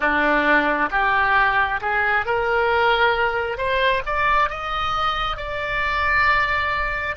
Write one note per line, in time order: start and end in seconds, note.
0.00 0.90 D4
0.90 1.80 G4
1.81 2.25 G#4
2.25 3.57 A#4
3.57 4.02 C5
4.05 4.49 D5
4.49 5.36 D#5
5.36 7.16 D5